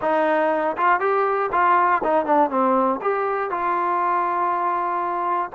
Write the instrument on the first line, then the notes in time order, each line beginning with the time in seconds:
trombone
0.01 D#4
0.77 F4
1.00 G4
1.52 F4
2.03 D#4
2.25 D4
2.50 C4
3.01 G4
3.50 F4